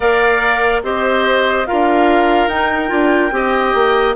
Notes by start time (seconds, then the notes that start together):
0.00 A#3 A#4 D5 F5
0.82 C4 G4 C5 D#5
1.66 D4 F4 A#4 F5
2.47 D#4 G5
2.87 D4 F4
3.31 C4 G4 D#5
3.74 A#3